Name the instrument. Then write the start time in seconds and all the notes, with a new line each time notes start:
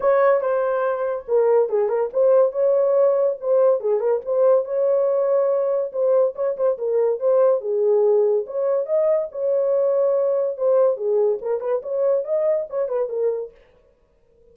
horn
0.00 C#5
0.41 C5
1.28 A#4
1.69 G#4
1.88 A#4
2.13 C5
2.52 C#5
3.40 C5
3.80 G#4
3.99 A#4
4.25 C5
4.64 C#5
5.92 C5
6.35 C#5
6.56 C5
6.78 A#4
7.19 C5
7.60 G#4
8.46 C#5
8.86 D#5
9.31 C#5
10.57 C5
10.96 G#4
11.41 A#4
11.60 B4
11.82 C#5
12.24 D#5
12.69 C#5
12.88 B4
13.08 A#4